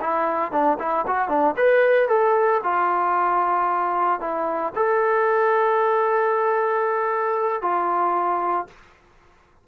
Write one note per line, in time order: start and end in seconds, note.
0.00 0.51 E4
0.51 0.78 D4
0.79 1.05 E4
1.07 1.28 F#4
1.28 1.55 D4
1.56 2.08 B4
2.08 2.61 A4
2.63 4.20 F4
4.20 4.72 E4
4.75 7.61 A4
7.61 8.67 F4